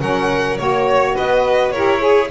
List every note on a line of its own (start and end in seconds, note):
0.00 0.59 F#3
0.00 0.58 C#4
0.00 0.60 A#4
0.00 0.58 F#5
0.58 1.18 A#3
0.58 1.74 F#4
0.58 1.15 C#5
0.58 1.16 C#5
1.16 1.74 B3
1.16 1.73 B4
1.16 1.72 D#5
1.72 2.31 E4
1.72 1.99 G4
1.72 2.02 A#4
1.72 2.29 C#5
1.99 2.28 G#4
1.99 2.31 G#4